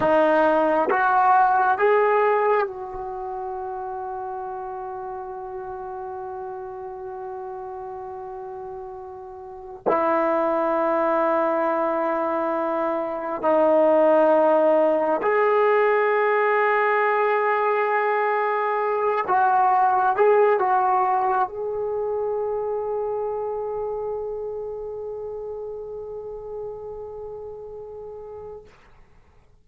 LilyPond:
\new Staff \with { instrumentName = "trombone" } { \time 4/4 \tempo 4 = 67 dis'4 fis'4 gis'4 fis'4~ | fis'1~ | fis'2. e'4~ | e'2. dis'4~ |
dis'4 gis'2.~ | gis'4. fis'4 gis'8 fis'4 | gis'1~ | gis'1 | }